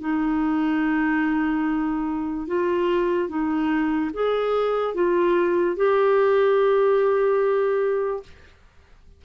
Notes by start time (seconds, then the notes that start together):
0.00 D#4
2.47 F4
3.28 D#4
4.13 G#4
4.94 F4
5.76 G4